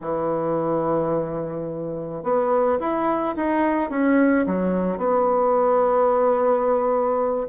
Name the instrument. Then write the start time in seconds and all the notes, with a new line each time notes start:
bassoon
0.01 E3
2.23 B3
2.79 E4
3.35 D#4
3.90 C#4
4.46 F#3
4.97 B3